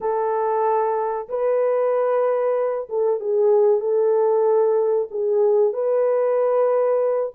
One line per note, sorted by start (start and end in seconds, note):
0.00 1.28 A4
1.29 2.88 B4
2.89 3.20 A4
3.20 3.80 G#4
3.80 5.08 A4
5.10 5.73 G#4
5.73 7.32 B4